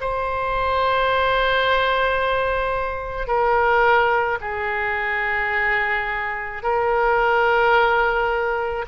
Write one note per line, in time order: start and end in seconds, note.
0.00 3.27 C5
3.27 4.38 A#4
4.41 6.63 G#4
6.63 8.85 A#4